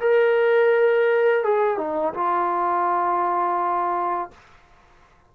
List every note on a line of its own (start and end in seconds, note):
0.00 1.44 A#4
1.44 1.77 G#4
1.77 2.13 D#4
2.14 4.30 F4